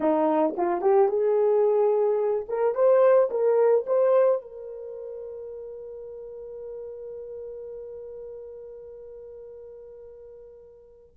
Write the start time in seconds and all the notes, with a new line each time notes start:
0.00 D#4
0.56 F4
0.81 G4
1.08 G#4
2.48 A#4
2.74 C5
3.30 A#4
3.86 C5
4.41 A#4